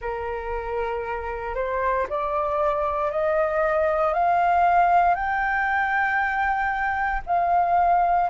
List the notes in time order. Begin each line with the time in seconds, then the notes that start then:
0.00 A#4
1.55 C5
2.09 D5
3.11 D#5
4.13 F5
5.14 G5
7.26 F5